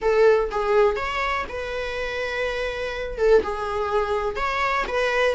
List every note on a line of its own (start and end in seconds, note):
0.01 0.50 A4
0.51 0.96 G#4
0.96 1.45 C#5
1.48 3.18 B4
3.18 3.42 A4
3.43 4.36 G#4
4.36 4.84 C#5
4.87 5.34 B4